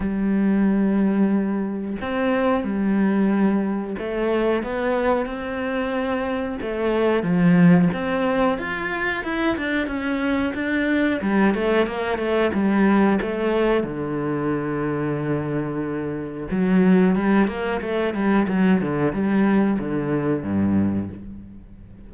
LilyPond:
\new Staff \with { instrumentName = "cello" } { \time 4/4 \tempo 4 = 91 g2. c'4 | g2 a4 b4 | c'2 a4 f4 | c'4 f'4 e'8 d'8 cis'4 |
d'4 g8 a8 ais8 a8 g4 | a4 d2.~ | d4 fis4 g8 ais8 a8 g8 | fis8 d8 g4 d4 g,4 | }